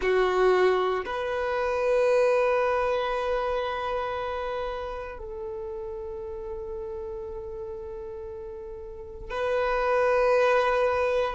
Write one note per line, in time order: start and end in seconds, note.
0.01 1.04 F#4
1.05 5.18 B4
5.18 9.30 A4
9.30 11.35 B4